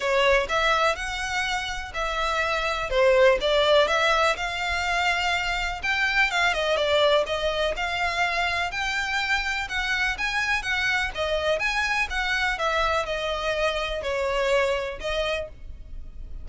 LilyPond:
\new Staff \with { instrumentName = "violin" } { \time 4/4 \tempo 4 = 124 cis''4 e''4 fis''2 | e''2 c''4 d''4 | e''4 f''2. | g''4 f''8 dis''8 d''4 dis''4 |
f''2 g''2 | fis''4 gis''4 fis''4 dis''4 | gis''4 fis''4 e''4 dis''4~ | dis''4 cis''2 dis''4 | }